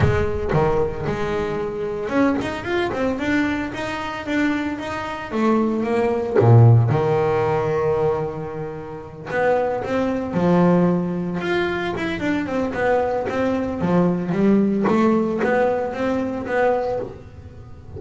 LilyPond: \new Staff \with { instrumentName = "double bass" } { \time 4/4 \tempo 4 = 113 gis4 dis4 gis2 | cis'8 dis'8 f'8 c'8 d'4 dis'4 | d'4 dis'4 a4 ais4 | ais,4 dis2.~ |
dis4. b4 c'4 f8~ | f4. f'4 e'8 d'8 c'8 | b4 c'4 f4 g4 | a4 b4 c'4 b4 | }